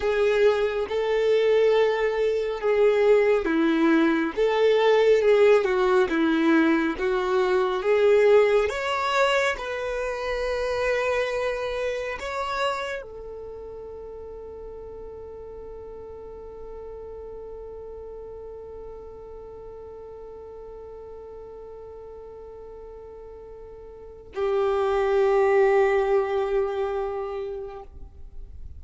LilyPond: \new Staff \with { instrumentName = "violin" } { \time 4/4 \tempo 4 = 69 gis'4 a'2 gis'4 | e'4 a'4 gis'8 fis'8 e'4 | fis'4 gis'4 cis''4 b'4~ | b'2 cis''4 a'4~ |
a'1~ | a'1~ | a'1 | g'1 | }